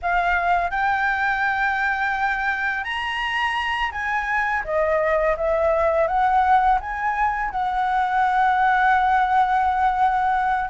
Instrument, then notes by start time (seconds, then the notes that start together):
flute
0.02 F5
0.70 G5
2.83 A#5
3.91 G#5
4.64 D#5
5.36 E5
6.07 F#5
6.80 G#5
7.50 F#5